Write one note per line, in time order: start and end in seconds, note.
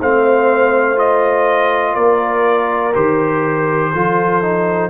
0.00 1.96 A3
0.00 0.96 C4
0.00 1.94 C5
0.00 0.99 F5
0.96 2.92 F4
0.96 1.95 D#5
1.94 2.94 A#3
1.94 3.90 A#4
1.94 2.93 D5
2.95 3.94 D#3
2.95 3.93 G4
2.95 4.90 C5
3.93 4.90 F3
3.93 4.42 F4
3.93 4.90 A4
4.42 4.90 D#4